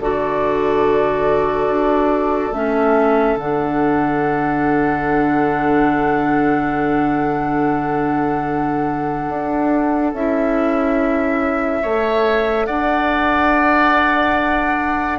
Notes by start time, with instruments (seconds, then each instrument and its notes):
0.00 bassoon D3, clarinet F#4, oboe A4, flute D5
1.69 bassoon D4
2.52 bassoon A3, clarinet C#4, flute E5
3.36 bassoon D3, clarinet D4, flute F#5
9.29 bassoon D4
10.13 bassoon C#4, clarinet E4, flute E5
11.82 bassoon A3, clarinet A4, oboe C#5
12.66 bassoon D4, oboe D5, flute F#5